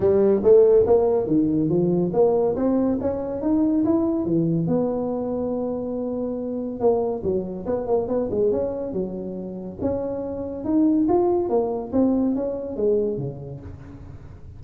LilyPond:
\new Staff \with { instrumentName = "tuba" } { \time 4/4 \tempo 4 = 141 g4 a4 ais4 dis4 | f4 ais4 c'4 cis'4 | dis'4 e'4 e4 b4~ | b1 |
ais4 fis4 b8 ais8 b8 gis8 | cis'4 fis2 cis'4~ | cis'4 dis'4 f'4 ais4 | c'4 cis'4 gis4 cis4 | }